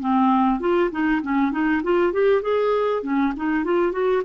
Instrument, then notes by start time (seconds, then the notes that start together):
clarinet
0.00 C4
0.60 F4
0.91 D#4
1.22 C#4
1.52 D#4
1.83 F4
2.13 G4
2.42 G#4
3.03 C#4
3.36 D#4
3.64 F4
3.92 F#4